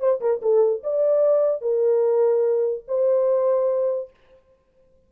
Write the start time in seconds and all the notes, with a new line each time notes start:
0.00 C5
0.21 A#4
0.42 A4
0.83 D5
1.62 A#4
2.88 C5